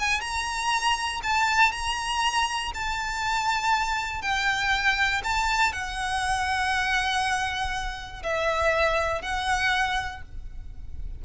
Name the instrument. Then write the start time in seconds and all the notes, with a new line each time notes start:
violin
0.00 G#5
0.21 A#5
1.24 A5
1.72 A#5
2.75 A5
4.22 G5
5.24 A5
5.73 F#5
8.23 E5
9.22 F#5